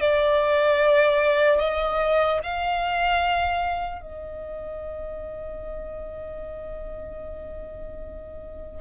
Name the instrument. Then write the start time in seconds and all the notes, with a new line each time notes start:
violin
0.00 D5
1.59 D#5
2.43 F5
4.01 D#5